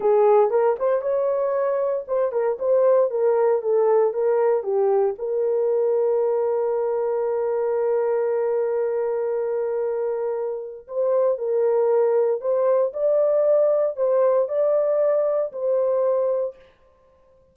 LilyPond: \new Staff \with { instrumentName = "horn" } { \time 4/4 \tempo 4 = 116 gis'4 ais'8 c''8 cis''2 | c''8 ais'8 c''4 ais'4 a'4 | ais'4 g'4 ais'2~ | ais'1~ |
ais'1~ | ais'4 c''4 ais'2 | c''4 d''2 c''4 | d''2 c''2 | }